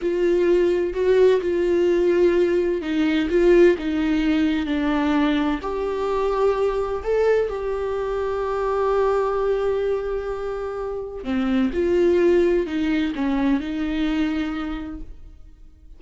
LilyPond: \new Staff \with { instrumentName = "viola" } { \time 4/4 \tempo 4 = 128 f'2 fis'4 f'4~ | f'2 dis'4 f'4 | dis'2 d'2 | g'2. a'4 |
g'1~ | g'1 | c'4 f'2 dis'4 | cis'4 dis'2. | }